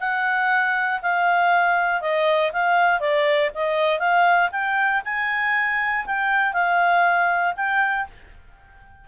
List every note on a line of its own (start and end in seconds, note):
0.00 1.01 F#5
1.02 2.01 F5
2.01 2.51 D#5
2.52 3.00 F5
3.00 3.51 D5
3.54 3.99 D#5
3.99 4.49 F5
4.52 5.02 G5
5.05 6.06 G#5
6.06 6.53 G5
6.53 7.54 F5
7.56 8.07 G5